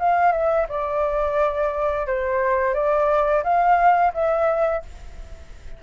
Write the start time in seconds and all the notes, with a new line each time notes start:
0.00 F5
0.33 E5
0.69 D5
2.08 C5
2.75 D5
3.44 F5
4.14 E5